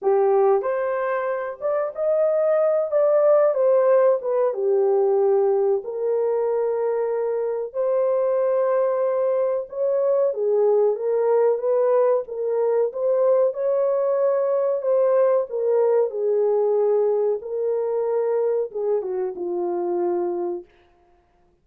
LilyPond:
\new Staff \with { instrumentName = "horn" } { \time 4/4 \tempo 4 = 93 g'4 c''4. d''8 dis''4~ | dis''8 d''4 c''4 b'8 g'4~ | g'4 ais'2. | c''2. cis''4 |
gis'4 ais'4 b'4 ais'4 | c''4 cis''2 c''4 | ais'4 gis'2 ais'4~ | ais'4 gis'8 fis'8 f'2 | }